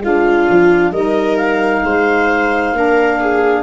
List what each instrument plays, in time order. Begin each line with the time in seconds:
0.00 tuba G#3, saxophone D4, viola F4, clarinet F5
0.49 tuba F3
0.91 tuba G3, saxophone D#4, viola A#4, clarinet D#5
1.37 clarinet F5
1.83 tuba G#3, viola C5
2.72 tuba A#3, saxophone D4, viola A#4
3.20 viola G#4